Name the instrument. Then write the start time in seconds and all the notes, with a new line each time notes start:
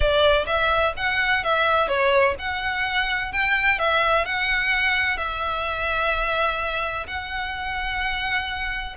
violin
0.00 D5
0.46 E5
0.96 F#5
1.44 E5
1.87 C#5
2.38 F#5
3.32 G5
3.78 E5
4.25 F#5
5.17 E5
7.07 F#5